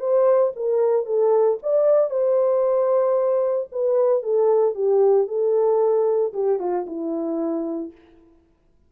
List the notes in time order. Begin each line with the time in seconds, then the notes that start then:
0.00 C5
0.56 A#4
1.06 A4
1.63 D5
2.10 C5
3.72 B4
4.23 A4
4.75 G4
5.28 A4
6.34 G4
6.60 F4
6.87 E4